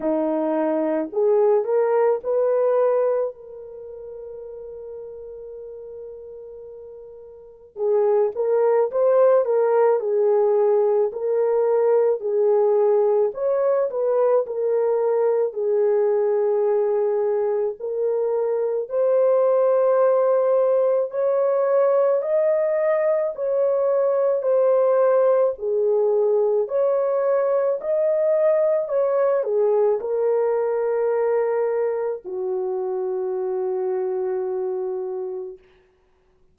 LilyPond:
\new Staff \with { instrumentName = "horn" } { \time 4/4 \tempo 4 = 54 dis'4 gis'8 ais'8 b'4 ais'4~ | ais'2. gis'8 ais'8 | c''8 ais'8 gis'4 ais'4 gis'4 | cis''8 b'8 ais'4 gis'2 |
ais'4 c''2 cis''4 | dis''4 cis''4 c''4 gis'4 | cis''4 dis''4 cis''8 gis'8 ais'4~ | ais'4 fis'2. | }